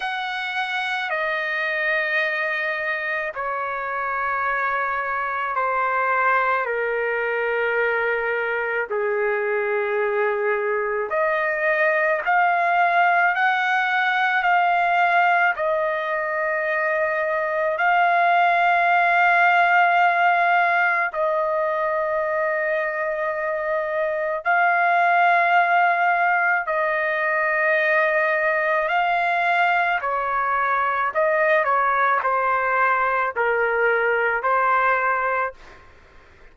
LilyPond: \new Staff \with { instrumentName = "trumpet" } { \time 4/4 \tempo 4 = 54 fis''4 dis''2 cis''4~ | cis''4 c''4 ais'2 | gis'2 dis''4 f''4 | fis''4 f''4 dis''2 |
f''2. dis''4~ | dis''2 f''2 | dis''2 f''4 cis''4 | dis''8 cis''8 c''4 ais'4 c''4 | }